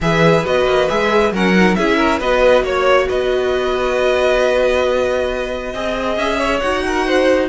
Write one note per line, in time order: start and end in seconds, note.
0.00 0.44 E3
0.00 0.45 G#4
0.00 1.33 B4
0.00 0.45 E5
0.45 0.65 B3
0.45 0.88 F#4
0.45 0.88 D#5
0.65 0.87 A#3
0.88 1.32 G#3
0.88 1.33 G#4
0.88 1.32 E5
1.32 1.76 F#3
1.32 1.55 C#4
1.32 1.77 A#4
1.32 1.75 F#5
1.55 1.77 D#4
1.75 2.20 C#4
1.75 2.21 E4
1.75 1.96 G#4
1.75 2.19 E5
1.96 2.18 A#4
2.19 2.62 B3
2.19 5.74 F#4
2.19 2.63 B4
2.19 2.65 D#5
2.62 3.06 A#3
2.62 3.08 C#5
2.62 3.09 C#5
3.08 5.73 B3
3.08 5.73 B4
3.08 6.17 D#5
5.73 6.17 C4
5.73 6.62 G#4
5.73 6.38 D#5
6.17 6.61 C#4
6.17 6.59 E5
6.38 6.83 C#5
6.59 7.49 D#4
6.59 7.49 F#4
6.59 7.47 F#5
6.86 7.06 A#4
7.06 7.49 C5